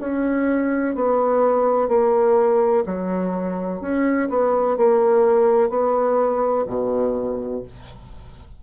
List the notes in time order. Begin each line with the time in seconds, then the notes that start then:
0.00 C#4
0.95 B3
1.88 A#3
2.85 F#3
3.81 C#4
4.29 B3
4.77 A#3
5.69 B3
6.67 B2